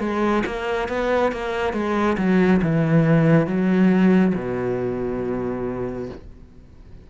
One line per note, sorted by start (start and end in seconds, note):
0.00 0.43 G#3
0.46 0.89 A#3
0.89 1.32 B3
1.32 1.74 A#3
1.74 2.17 G#3
2.18 2.61 F#3
2.62 3.47 E3
3.47 4.34 F#3
4.35 6.09 B2